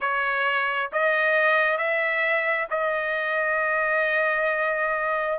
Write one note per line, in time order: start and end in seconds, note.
0.00 0.90 C#5
0.92 1.77 D#5
1.77 2.67 E5
2.70 5.39 D#5